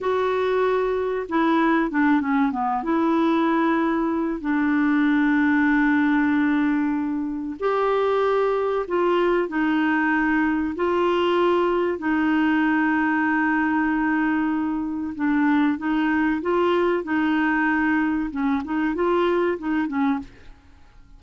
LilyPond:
\new Staff \with { instrumentName = "clarinet" } { \time 4/4 \tempo 4 = 95 fis'2 e'4 d'8 cis'8 | b8 e'2~ e'8 d'4~ | d'1 | g'2 f'4 dis'4~ |
dis'4 f'2 dis'4~ | dis'1 | d'4 dis'4 f'4 dis'4~ | dis'4 cis'8 dis'8 f'4 dis'8 cis'8 | }